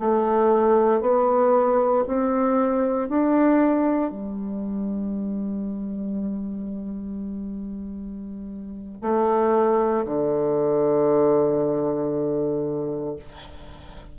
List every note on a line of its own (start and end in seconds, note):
0.00 1.01 A3
1.01 2.05 B3
2.07 3.09 C4
3.09 4.11 D4
4.11 9.02 G3
9.02 10.05 A3
10.06 13.17 D3